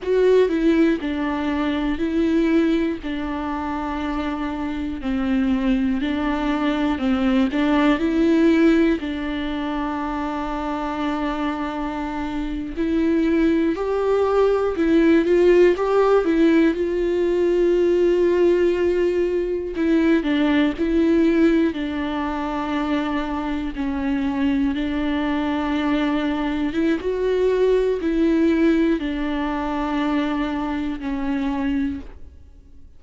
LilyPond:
\new Staff \with { instrumentName = "viola" } { \time 4/4 \tempo 4 = 60 fis'8 e'8 d'4 e'4 d'4~ | d'4 c'4 d'4 c'8 d'8 | e'4 d'2.~ | d'8. e'4 g'4 e'8 f'8 g'16~ |
g'16 e'8 f'2. e'16~ | e'16 d'8 e'4 d'2 cis'16~ | cis'8. d'2 e'16 fis'4 | e'4 d'2 cis'4 | }